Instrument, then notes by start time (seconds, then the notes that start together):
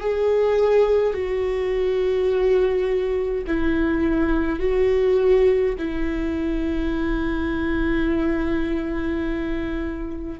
viola
0.00 G#4
1.13 F#4
3.47 E4
4.59 F#4
5.78 E4